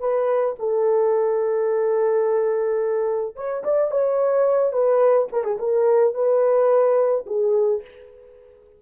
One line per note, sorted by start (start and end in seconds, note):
0.00 0.56 B4
0.59 3.36 A4
3.36 3.64 C#5
3.64 3.91 D5
3.91 4.73 C#5
4.73 5.29 B4
5.32 5.44 A#4
5.44 5.58 G#4
5.59 6.14 A#4
6.14 7.26 B4
7.26 7.82 G#4